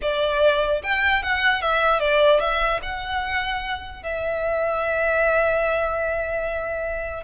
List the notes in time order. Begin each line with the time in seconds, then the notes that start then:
0.01 D5
0.83 G5
1.22 F#5
1.61 E5
1.99 D5
2.40 E5
2.82 F#5
4.02 E5